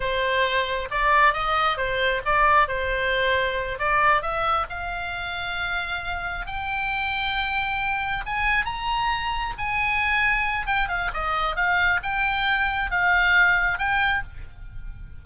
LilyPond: \new Staff \with { instrumentName = "oboe" } { \time 4/4 \tempo 4 = 135 c''2 d''4 dis''4 | c''4 d''4 c''2~ | c''8 d''4 e''4 f''4.~ | f''2~ f''8 g''4.~ |
g''2~ g''8 gis''4 ais''8~ | ais''4. gis''2~ gis''8 | g''8 f''8 dis''4 f''4 g''4~ | g''4 f''2 g''4 | }